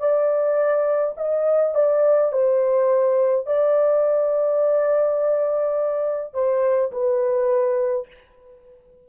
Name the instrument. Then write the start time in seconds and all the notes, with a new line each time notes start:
horn
0.00 D5
1.17 D#5
1.75 D5
2.33 C5
3.47 D5
6.34 C5
6.92 B4